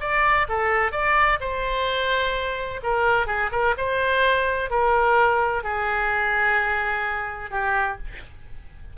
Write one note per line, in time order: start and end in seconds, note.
0.00 0.47 D5
0.48 0.92 A4
0.92 1.38 D5
1.40 2.80 C5
2.83 3.26 A#4
3.26 3.50 G#4
3.51 3.75 A#4
3.77 4.70 C5
4.70 5.63 A#4
5.63 7.50 G#4
7.50 7.97 G4